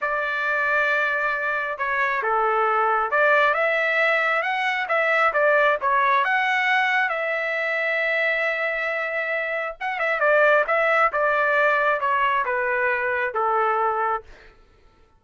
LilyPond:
\new Staff \with { instrumentName = "trumpet" } { \time 4/4 \tempo 4 = 135 d''1 | cis''4 a'2 d''4 | e''2 fis''4 e''4 | d''4 cis''4 fis''2 |
e''1~ | e''2 fis''8 e''8 d''4 | e''4 d''2 cis''4 | b'2 a'2 | }